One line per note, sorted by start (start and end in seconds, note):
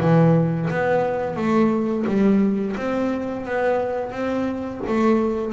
0.00 0.69 E3
0.70 1.36 B3
1.36 2.05 A3
2.07 2.76 G3
2.77 3.45 C4
3.45 4.12 B3
4.12 4.81 C4
4.87 5.53 A3